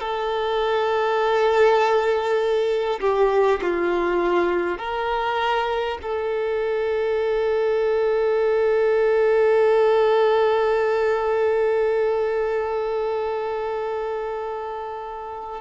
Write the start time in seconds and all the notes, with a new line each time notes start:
0.00 A4
3.01 G4
3.62 F4
4.78 A#4
6.03 A4